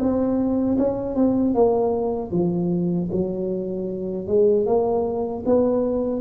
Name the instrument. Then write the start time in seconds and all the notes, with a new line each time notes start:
tuba
0.00 C4
0.79 C#4
1.16 C4
1.55 A#3
2.32 F3
3.12 F#3
4.28 G#3
4.66 A#3
5.46 B3